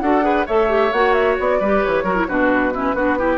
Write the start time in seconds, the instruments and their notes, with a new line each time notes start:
0.00 bassoon D4, clarinet F#4, oboe A4, flute F#5
0.21 clarinet G#4, oboe B4
0.46 bassoon A3, clarinet A4, oboe C#5, flute E5
0.68 clarinet G4
0.92 bassoon A#3, clarinet F#4, flute F#5
1.13 flute E5
1.39 bassoon B3, flute D5
1.59 bassoon G3, clarinet G4, oboe B4
1.84 bassoon E3, flute C#5
2.03 bassoon F#3, clarinet F#4, oboe A#4
2.15 clarinet E4
2.28 bassoon B2, clarinet D4, oboe F#4, flute B4
2.73 clarinet C#4, oboe E4
2.93 bassoon B3, clarinet D4, oboe F#4
3.18 clarinet E4, oboe G4